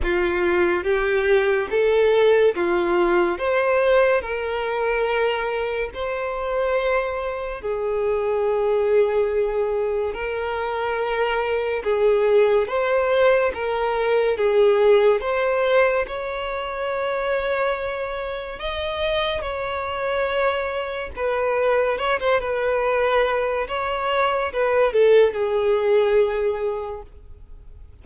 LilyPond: \new Staff \with { instrumentName = "violin" } { \time 4/4 \tempo 4 = 71 f'4 g'4 a'4 f'4 | c''4 ais'2 c''4~ | c''4 gis'2. | ais'2 gis'4 c''4 |
ais'4 gis'4 c''4 cis''4~ | cis''2 dis''4 cis''4~ | cis''4 b'4 cis''16 c''16 b'4. | cis''4 b'8 a'8 gis'2 | }